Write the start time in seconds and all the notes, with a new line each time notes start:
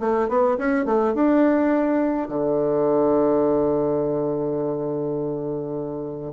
0.00 A3
0.29 B3
0.58 C#4
0.85 A3
1.14 D4
2.29 D3